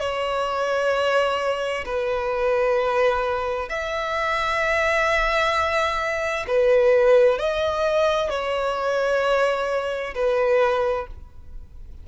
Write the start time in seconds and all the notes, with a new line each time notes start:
0.00 C#5
1.85 B4
3.69 E5
6.47 B4
7.39 D#5
8.30 C#5
10.15 B4